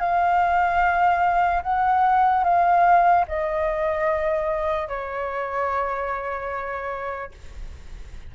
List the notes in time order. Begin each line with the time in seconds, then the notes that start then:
0.00 F5
1.63 F#5
2.44 F5
3.28 D#5
4.88 C#5